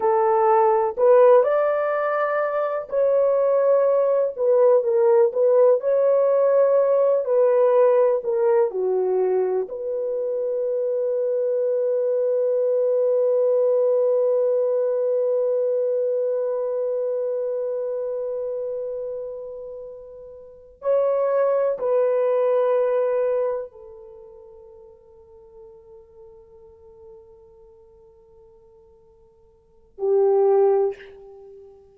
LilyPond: \new Staff \with { instrumentName = "horn" } { \time 4/4 \tempo 4 = 62 a'4 b'8 d''4. cis''4~ | cis''8 b'8 ais'8 b'8 cis''4. b'8~ | b'8 ais'8 fis'4 b'2~ | b'1~ |
b'1~ | b'4. cis''4 b'4.~ | b'8 a'2.~ a'8~ | a'2. g'4 | }